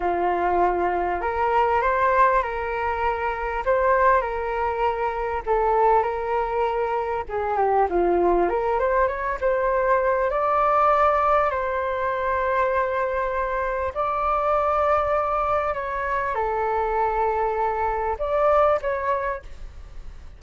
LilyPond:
\new Staff \with { instrumentName = "flute" } { \time 4/4 \tempo 4 = 99 f'2 ais'4 c''4 | ais'2 c''4 ais'4~ | ais'4 a'4 ais'2 | gis'8 g'8 f'4 ais'8 c''8 cis''8 c''8~ |
c''4 d''2 c''4~ | c''2. d''4~ | d''2 cis''4 a'4~ | a'2 d''4 cis''4 | }